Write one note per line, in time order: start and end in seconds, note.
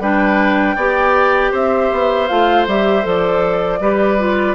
0.00 0.76 G3
0.00 0.78 D4
0.00 0.76 B4
0.00 1.55 G5
0.76 1.52 B3
0.76 2.29 G4
0.76 1.52 D5
1.52 1.91 C4
1.52 3.80 C5
1.52 2.28 E5
1.92 2.30 B3
2.28 2.68 A3
2.28 2.67 F4
2.28 2.66 F5
2.68 3.05 G3
2.68 3.03 G4
2.68 3.07 E5
3.03 3.80 F3
3.03 3.79 A4
3.03 4.56 D5
3.80 4.56 G3
3.80 4.19 G4
3.80 4.56 B4
4.19 4.56 F4